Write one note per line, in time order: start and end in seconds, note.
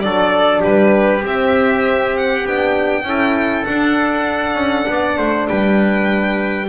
0.00 0.64 F#3
0.00 1.21 D4
0.00 0.61 A4
0.00 0.61 D5
0.61 1.23 G3
0.61 3.03 G4
0.61 1.24 B4
1.21 2.42 C4
1.21 2.44 C4
1.21 2.17 E5
2.17 2.46 F#5
2.45 3.04 B3
2.45 3.04 D4
2.45 3.65 G5
3.04 3.64 C#4
3.04 3.65 E4
3.04 4.90 A4
3.65 6.68 D4
3.65 4.55 D4
3.65 5.46 F#5
4.55 4.85 C#4
4.87 5.18 B3
4.87 5.18 D5
5.18 5.48 A3
5.18 5.48 C5
5.48 6.69 G3
5.48 6.69 B4
5.48 6.69 G5